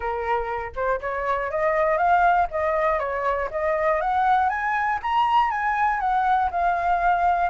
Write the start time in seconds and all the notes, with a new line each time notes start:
0.00 A#4
0.75 C5
1.00 C#5
1.50 D#5
1.97 F5
2.50 D#5
2.99 C#5
3.50 D#5
4.00 F#5
4.49 G#5
5.02 A#5
5.50 G#5
6.00 F#5
6.50 F5